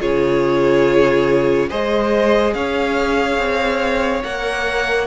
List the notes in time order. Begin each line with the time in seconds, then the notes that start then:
0.00 C#3 F4 G#4 C#5
1.69 G#3 G#4 C5 D#5
2.54 C#4 C#5 F5
3.38 C4
4.24 A#3 A#4 F#5